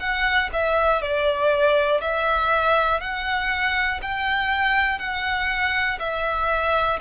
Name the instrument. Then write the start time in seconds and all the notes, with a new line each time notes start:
violin
0.00 F#5
0.53 E5
1.01 D5
2.01 E5
3.00 F#5
4.02 G5
4.99 F#5
5.99 E5